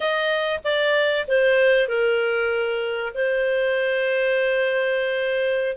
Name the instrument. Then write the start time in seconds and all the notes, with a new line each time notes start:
clarinet
0.00 D#5
0.64 D5
1.27 C5
1.88 A#4
3.14 C5